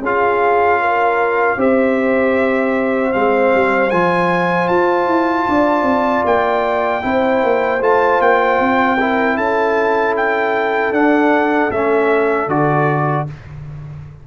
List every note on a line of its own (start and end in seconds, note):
0.00 1.56 C#4
0.00 1.58 F4
0.00 0.80 G#4
0.00 1.60 F5
0.81 1.58 A#4
1.57 3.12 C4
1.57 3.13 G4
1.57 5.48 C5
1.57 3.12 E5
3.12 3.54 G#3
3.12 3.91 C4
3.12 3.90 F5
3.55 3.92 G3
3.90 4.70 F3
3.90 7.02 F4
3.90 4.68 G#5
4.68 5.07 F4
4.68 6.24 A5
5.07 5.46 E4
5.48 5.83 D4
5.48 7.04 D5
5.83 6.22 C4
6.25 7.02 A#3
6.25 7.82 G5
7.02 7.43 C4
7.02 7.80 E4
7.02 9.00 C5
7.43 7.81 A#3
7.81 8.20 A3
7.81 8.98 F4
7.81 8.21 A5
8.20 8.59 A#3
8.20 9.37 G5
8.60 9.38 C4
9.00 10.94 E4
9.00 9.37 A#4
9.37 10.92 C#4
9.37 13.26 A4
9.37 10.15 A5
10.17 10.93 G5
10.92 11.70 D4
10.92 11.71 D4
10.92 11.71 F#5
11.70 12.47 A3
11.70 12.49 C#4
11.70 12.49 E5
12.47 13.25 D3
12.47 13.27 F#4
12.47 13.27 D5